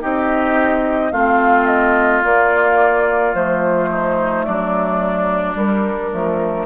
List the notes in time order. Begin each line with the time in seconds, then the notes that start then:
0.00 C4 D#4 G4 D#5
1.12 A3 C4 F4 F5
1.66 D#5
2.23 A#3 D5
3.34 F3 A3 C5
3.91 D#4
4.45 F#3 D4 D5
5.55 G3 A#4
6.12 F3 A3